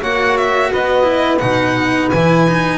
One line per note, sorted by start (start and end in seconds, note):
0.00 0.72 A#3
0.00 1.03 F#4
0.00 0.70 C#5
0.00 0.37 F#5
0.37 0.72 E5
0.71 1.42 B3
0.71 2.78 B4
0.71 1.39 D#5
1.03 1.37 E4
1.39 2.11 B2
1.39 2.11 D#4
1.39 2.08 F#5
2.10 2.78 E3
2.10 2.47 E4
2.10 2.78 G#5
2.47 2.78 D#4